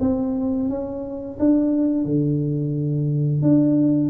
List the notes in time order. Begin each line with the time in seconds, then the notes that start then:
0.00 C4
0.69 C#4
1.39 D4
2.05 D3
3.42 D4